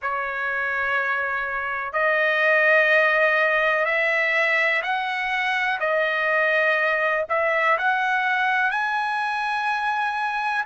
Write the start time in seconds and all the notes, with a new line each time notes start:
0.02 C#5
1.92 D#5
3.85 E5
4.82 F#5
5.79 D#5
7.29 E5
7.77 F#5
8.71 G#5